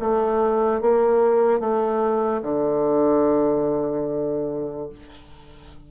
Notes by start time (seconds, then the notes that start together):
0.00 A3
0.81 A#3
1.60 A3
2.42 D3